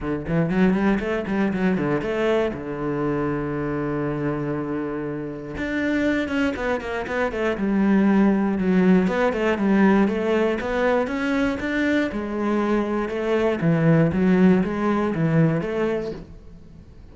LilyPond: \new Staff \with { instrumentName = "cello" } { \time 4/4 \tempo 4 = 119 d8 e8 fis8 g8 a8 g8 fis8 d8 | a4 d2.~ | d2. d'4~ | d'8 cis'8 b8 ais8 b8 a8 g4~ |
g4 fis4 b8 a8 g4 | a4 b4 cis'4 d'4 | gis2 a4 e4 | fis4 gis4 e4 a4 | }